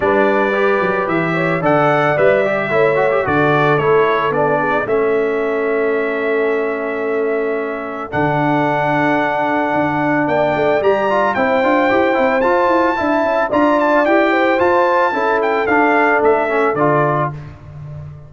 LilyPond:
<<
  \new Staff \with { instrumentName = "trumpet" } { \time 4/4 \tempo 4 = 111 d''2 e''4 fis''4 | e''2 d''4 cis''4 | d''4 e''2.~ | e''2. fis''4~ |
fis''2. g''4 | ais''4 g''2 a''4~ | a''4 ais''8 a''8 g''4 a''4~ | a''8 g''8 f''4 e''4 d''4 | }
  \new Staff \with { instrumentName = "horn" } { \time 4/4 b'2~ b'8 cis''8 d''4~ | d''4 cis''4 a'2~ | a'8 gis'8 a'2.~ | a'1~ |
a'2. d''4~ | d''4 c''2. | e''4 d''4. c''4. | a'1 | }
  \new Staff \with { instrumentName = "trombone" } { \time 4/4 d'4 g'2 a'4 | b'8 g'8 e'8 fis'16 g'16 fis'4 e'4 | d'4 cis'2.~ | cis'2. d'4~ |
d'1 | g'8 f'8 e'8 f'8 g'8 e'8 f'4 | e'4 f'4 g'4 f'4 | e'4 d'4. cis'8 f'4 | }
  \new Staff \with { instrumentName = "tuba" } { \time 4/4 g4. fis8 e4 d4 | g4 a4 d4 a4 | b4 a2.~ | a2. d4~ |
d2 d'4 ais8 a8 | g4 c'8 d'8 e'8 c'8 f'8 e'8 | d'8 cis'8 d'4 e'4 f'4 | cis'4 d'4 a4 d4 | }
>>